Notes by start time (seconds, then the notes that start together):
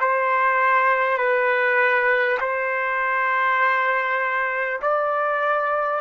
0.00 C5
1.18 B4
2.40 C5
4.82 D5